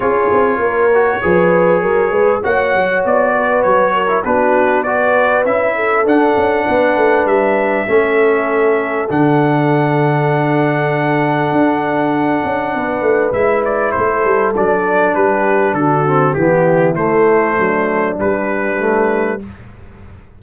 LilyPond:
<<
  \new Staff \with { instrumentName = "trumpet" } { \time 4/4 \tempo 4 = 99 cis''1 | fis''4 d''4 cis''4 b'4 | d''4 e''4 fis''2 | e''2. fis''4~ |
fis''1~ | fis''2 e''8 d''8 c''4 | d''4 b'4 a'4 g'4 | c''2 b'2 | }
  \new Staff \with { instrumentName = "horn" } { \time 4/4 gis'4 ais'4 b'4 ais'8 b'8 | cis''4. b'4 ais'8 fis'4 | b'4. a'4. b'4~ | b'4 a'2.~ |
a'1~ | a'4 b'2 a'4~ | a'4 g'4 fis'4 e'4~ | e'4 d'2. | }
  \new Staff \with { instrumentName = "trombone" } { \time 4/4 f'4. fis'8 gis'2 | fis'2~ fis'8. e'16 d'4 | fis'4 e'4 d'2~ | d'4 cis'2 d'4~ |
d'1~ | d'2 e'2 | d'2~ d'8 c'8 b4 | a2 g4 a4 | }
  \new Staff \with { instrumentName = "tuba" } { \time 4/4 cis'8 c'8 ais4 f4 fis8 gis8 | ais8 fis8 b4 fis4 b4~ | b4 cis'4 d'8 cis'8 b8 a8 | g4 a2 d4~ |
d2. d'4~ | d'8 cis'8 b8 a8 gis4 a8 g8 | fis4 g4 d4 e4 | a4 fis4 g2 | }
>>